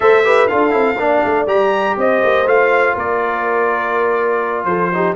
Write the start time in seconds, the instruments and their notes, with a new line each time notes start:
0.00 tuba A3, trombone A4, horn C5, trumpet E5
0.24 trombone G4, horn B4
0.47 tuba D4, trombone F4, horn A4, trumpet F5
0.70 tuba C4, trombone E4
0.96 tuba A#3, trombone D4
1.02 horn D5
1.24 tuba A3
1.47 tuba G3, trombone G4, trumpet A#5
1.96 tuba C4, horn C5, trumpet D#5
2.23 tuba A#3
2.45 tuba A3, trombone F4, trumpet F5
2.94 tuba A#3, horn A#4, trumpet D5
4.64 tuba F3, horn A4, trumpet C5
4.93 trombone D#4, horn G4